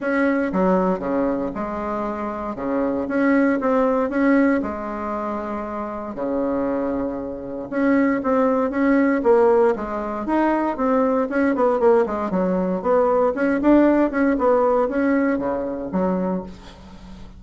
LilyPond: \new Staff \with { instrumentName = "bassoon" } { \time 4/4 \tempo 4 = 117 cis'4 fis4 cis4 gis4~ | gis4 cis4 cis'4 c'4 | cis'4 gis2. | cis2. cis'4 |
c'4 cis'4 ais4 gis4 | dis'4 c'4 cis'8 b8 ais8 gis8 | fis4 b4 cis'8 d'4 cis'8 | b4 cis'4 cis4 fis4 | }